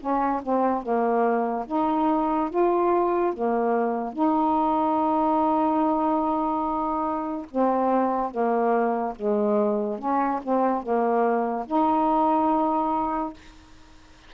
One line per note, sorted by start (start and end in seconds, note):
0.00 0.42 C#4
0.43 0.83 C4
0.83 1.66 A#3
1.67 2.50 D#4
2.50 3.34 F4
3.34 4.14 A#3
4.14 7.47 D#4
7.52 8.31 C4
8.31 9.15 A#3
9.16 9.99 G#3
9.99 10.41 C#4
10.44 10.83 C4
10.83 11.66 A#3
11.67 13.34 D#4